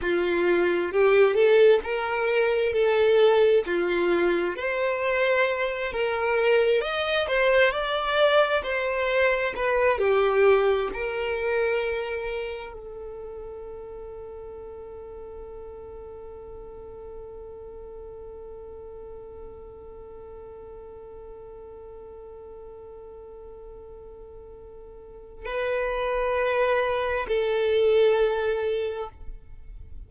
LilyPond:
\new Staff \with { instrumentName = "violin" } { \time 4/4 \tempo 4 = 66 f'4 g'8 a'8 ais'4 a'4 | f'4 c''4. ais'4 dis''8 | c''8 d''4 c''4 b'8 g'4 | ais'2 a'2~ |
a'1~ | a'1~ | a'1 | b'2 a'2 | }